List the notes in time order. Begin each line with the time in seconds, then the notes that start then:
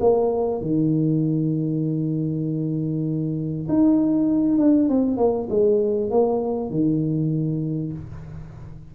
0.00 A#3
0.61 D#3
3.68 D#4
4.58 D4
4.89 C4
5.17 A#3
5.49 G#3
6.11 A#3
6.70 D#3